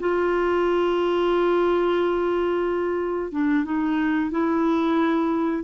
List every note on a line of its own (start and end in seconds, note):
0.00 3.32 F4
3.32 3.65 D4
3.65 4.31 D#4
4.31 5.64 E4